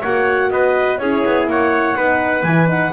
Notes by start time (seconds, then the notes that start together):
0.00 A#3 F#4 C#5 F#5
0.51 B3 B4 D#5
0.98 C#4 E4 G#4 C#5
1.26 B3
1.47 A#3 C#5 F#5
1.96 B3 D#4 B4
2.43 E3 E4 G#5
2.67 D#4 F#5